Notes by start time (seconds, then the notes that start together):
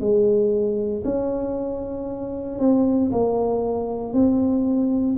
0.00 G#3
1.05 C#4
2.60 C4
3.12 A#3
4.13 C4